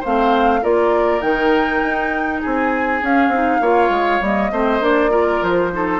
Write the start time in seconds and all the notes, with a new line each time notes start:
0.00 A3 C4 C5 F5
0.62 A#3 F4 A#4 D5
1.21 D#3 D#4 G5
1.82 D#4
2.41 C4 G#4 G#5
3.02 C#4 F5
3.28 C4 D#4
3.61 A#3 F4 C#5
3.90 G#3
4.21 G3 A#3 D#5
4.52 A3 C4 C5
4.80 A#3 D4 D5
5.10 F4 A#4
5.42 F3 C5
5.72 D#4 A4